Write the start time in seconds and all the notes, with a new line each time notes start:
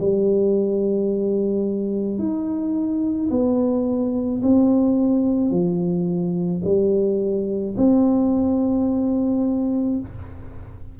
0.00 G3
2.19 D#4
3.30 B3
4.42 C4
5.51 F3
6.65 G3
7.77 C4